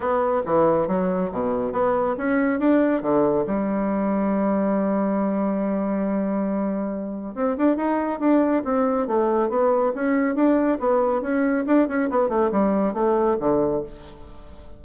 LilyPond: \new Staff \with { instrumentName = "bassoon" } { \time 4/4 \tempo 4 = 139 b4 e4 fis4 b,4 | b4 cis'4 d'4 d4 | g1~ | g1~ |
g4 c'8 d'8 dis'4 d'4 | c'4 a4 b4 cis'4 | d'4 b4 cis'4 d'8 cis'8 | b8 a8 g4 a4 d4 | }